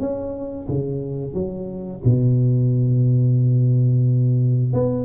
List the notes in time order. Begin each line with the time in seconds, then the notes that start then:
0.00 C#4
0.68 C#3
1.34 F#3
2.04 B2
4.73 B3